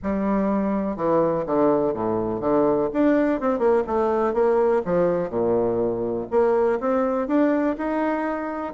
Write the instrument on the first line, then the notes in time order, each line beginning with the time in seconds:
bassoon
0.02 G3
0.96 E3
1.46 D3
1.93 A2
2.40 D3
2.93 D4
3.40 C4
3.59 A#3
3.86 A3
4.33 A#3
4.85 F3
5.29 A#2
6.31 A#3
6.80 C4
7.27 D4
7.77 D#4